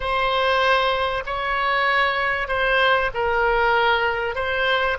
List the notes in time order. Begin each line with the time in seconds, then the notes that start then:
0.00 C5
1.26 C#5
2.47 C5
3.14 A#4
4.35 C5